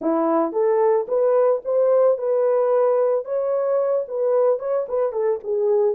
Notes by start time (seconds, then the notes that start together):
0.01 E4
0.52 A4
1.08 B4
1.64 C5
2.18 B4
3.24 C#5
4.08 B4
4.59 C#5
4.88 B4
5.12 A4
5.43 G#4